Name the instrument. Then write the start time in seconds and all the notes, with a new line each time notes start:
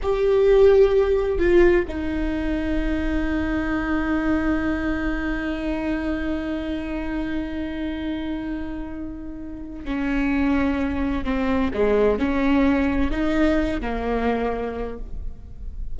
viola
0.02 G4
1.38 F4
1.87 D#4
9.84 C#4
11.24 C4
11.73 G#3
12.18 C#4
13.10 D#4
13.81 A#3